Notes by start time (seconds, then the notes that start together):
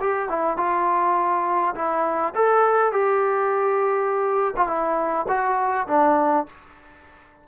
0.00 G4
0.29 E4
0.57 F4
1.75 E4
2.34 A4
2.92 G4
4.56 F4
4.67 E4
5.28 F#4
5.87 D4